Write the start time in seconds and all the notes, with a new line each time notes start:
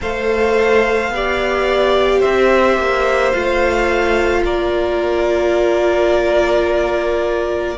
0.01 A3 A4 C5 F5
1.09 B3 G4 D5
2.19 C5 E5
2.25 C4
2.77 A#3
3.31 A3 F4 F5
4.44 A#3 A#4 D5